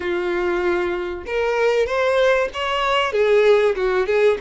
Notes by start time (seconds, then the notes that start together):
0.00 F4
1.26 A#4
1.86 C5
2.53 C#5
3.12 G#4
3.75 F#4
4.06 G#4